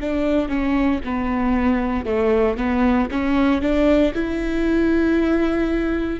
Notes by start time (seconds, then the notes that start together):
0.00 D4
0.48 C#4
1.04 B3
2.05 A3
2.57 B3
3.11 C#4
3.62 D4
4.14 E4